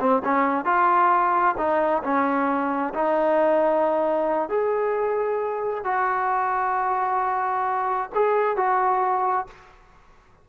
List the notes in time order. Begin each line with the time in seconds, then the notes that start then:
0.00 C4
0.24 C#4
0.65 F4
1.58 D#4
2.03 C#4
2.94 D#4
4.49 G#4
5.84 F#4
8.15 G#4
8.57 F#4